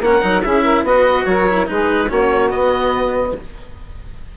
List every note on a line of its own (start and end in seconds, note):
0.00 0.21 A#3
0.00 0.21 C#4
0.00 0.43 A#4
0.00 0.42 F#5
0.21 0.44 F#3
0.21 0.42 D#4
0.42 0.83 C#4
0.42 0.86 E4
0.42 0.63 G#4
0.42 0.84 E5
0.63 0.83 A#4
0.83 1.24 B3
0.83 1.48 F#4
0.83 1.26 B4
0.83 1.25 D#5
1.25 1.67 F#3
1.25 1.69 A#4
1.25 1.66 C#5
1.49 1.66 E4
1.66 2.11 G#3
1.66 2.07 D#4
1.66 2.08 G#4
1.66 2.10 B4
2.08 2.52 A#3
2.08 2.49 C#4
2.08 3.32 F#4
2.08 2.50 C#5
2.49 3.32 B3
2.49 3.37 B3
2.49 3.33 D#5